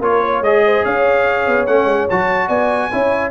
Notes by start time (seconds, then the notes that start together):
0.00 A#3 F4 A#4 C#5
0.22 C#5
0.41 G#3 G#4 D#5
0.65 C5
0.84 C#4 C#5 F5
1.47 B3
1.67 A3 C#4 F#5
1.84 G#3
2.10 F#3 F#4 A5
2.47 B3 D5 G#5
2.91 C#4 E4 C#5